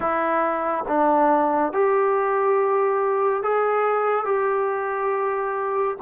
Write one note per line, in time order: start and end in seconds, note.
0.00 0.84 E4
0.88 1.72 D4
1.72 3.42 G4
3.42 4.25 G#4
4.25 5.96 G4